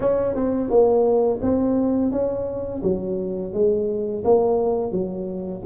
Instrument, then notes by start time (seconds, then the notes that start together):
tuba
0.00 C#4
0.35 C4
0.70 A#3
1.41 C4
2.11 C#4
2.82 F#3
3.53 G#3
4.24 A#3
4.91 F#3